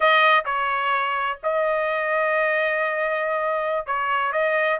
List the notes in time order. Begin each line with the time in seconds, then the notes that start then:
0.00 D#5
0.45 C#5
1.43 D#5
3.86 C#5
4.32 D#5